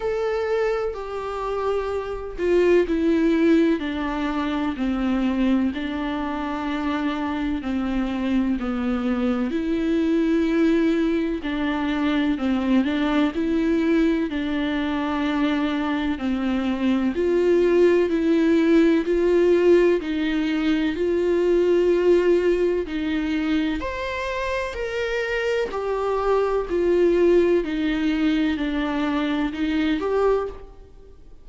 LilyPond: \new Staff \with { instrumentName = "viola" } { \time 4/4 \tempo 4 = 63 a'4 g'4. f'8 e'4 | d'4 c'4 d'2 | c'4 b4 e'2 | d'4 c'8 d'8 e'4 d'4~ |
d'4 c'4 f'4 e'4 | f'4 dis'4 f'2 | dis'4 c''4 ais'4 g'4 | f'4 dis'4 d'4 dis'8 g'8 | }